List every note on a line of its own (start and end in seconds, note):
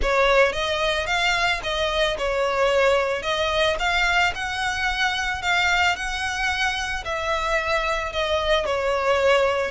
0.01 0.52 C#5
0.52 1.06 D#5
1.06 1.60 F5
1.63 2.17 D#5
2.18 3.22 C#5
3.22 3.76 D#5
3.79 4.33 F5
4.34 5.42 F#5
5.42 5.96 F5
5.96 7.04 F#5
7.04 8.12 E5
8.12 8.65 D#5
8.65 9.71 C#5